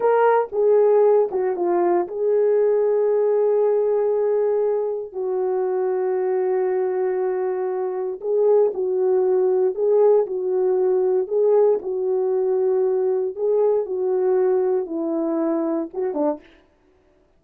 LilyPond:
\new Staff \with { instrumentName = "horn" } { \time 4/4 \tempo 4 = 117 ais'4 gis'4. fis'8 f'4 | gis'1~ | gis'2 fis'2~ | fis'1 |
gis'4 fis'2 gis'4 | fis'2 gis'4 fis'4~ | fis'2 gis'4 fis'4~ | fis'4 e'2 fis'8 d'8 | }